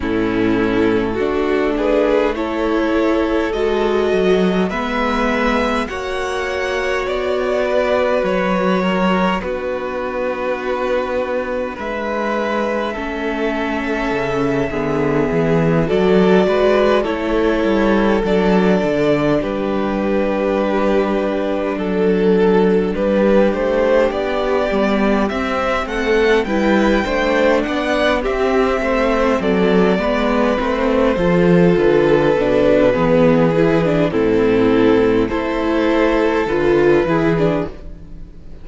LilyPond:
<<
  \new Staff \with { instrumentName = "violin" } { \time 4/4 \tempo 4 = 51 a'4. b'8 cis''4 dis''4 | e''4 fis''4 d''4 cis''4 | b'2 e''2~ | e''4. d''4 cis''4 d''8~ |
d''8 b'2 a'4 b'8 | c''8 d''4 e''8 fis''8 g''4 fis''8 | e''4 d''4 c''4 b'4~ | b'4 a'4 c''4 b'4 | }
  \new Staff \with { instrumentName = "violin" } { \time 4/4 e'4 fis'8 gis'8 a'2 | b'4 cis''4. b'4 ais'8 | fis'2 b'4 a'4~ | a'8 gis'4 a'8 b'8 a'4.~ |
a'8 g'2 a'4 g'8~ | g'2 a'8 b'8 c''8 d''8 | g'8 c''8 a'8 b'4 a'4. | gis'4 e'4 a'4. gis'8 | }
  \new Staff \with { instrumentName = "viola" } { \time 4/4 cis'4 d'4 e'4 fis'4 | b4 fis'2. | d'2. cis'4~ | cis'8 b4 fis'4 e'4 d'8~ |
d'1~ | d'4 b8 c'4 e'8 d'4 | c'4. b8 c'8 f'4 d'8 | b8 e'16 d'16 c'4 e'4 f'8 e'16 d'16 | }
  \new Staff \with { instrumentName = "cello" } { \time 4/4 a,4 a2 gis8 fis8 | gis4 ais4 b4 fis4 | b2 gis4 a4 | cis8 d8 e8 fis8 gis8 a8 g8 fis8 |
d8 g2 fis4 g8 | a8 b8 g8 c'8 a8 g8 a8 b8 | c'8 a8 fis8 gis8 a8 f8 d8 b,8 | e4 a,4 a4 d8 e8 | }
>>